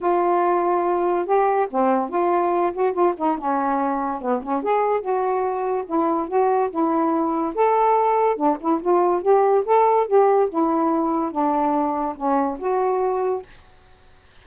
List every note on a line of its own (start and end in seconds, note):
0.00 1.25 F4
1.25 1.67 G4
1.70 2.09 C4
2.09 2.72 F4
2.73 2.93 F#4
2.93 3.14 F4
3.17 3.38 D#4
3.38 4.21 C#4
4.21 4.42 B3
4.42 4.62 C#4
4.62 5.00 G#4
5.00 5.84 F#4
5.86 6.28 E4
6.28 6.70 F#4
6.70 7.54 E4
7.54 8.36 A4
8.36 8.57 D4
8.60 8.81 E4
8.81 9.22 F4
9.22 9.64 G4
9.65 10.07 A4
10.07 10.49 G4
10.49 11.31 E4
11.31 12.15 D4
12.16 12.58 C#4
12.58 13.42 F#4